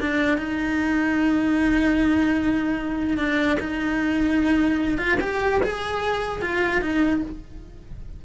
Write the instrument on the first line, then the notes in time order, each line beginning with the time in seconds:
cello
0.00 D4
0.38 D#4
3.17 D4
3.60 D#4
4.98 F4
5.21 G4
5.63 G#4
6.42 F4
6.82 D#4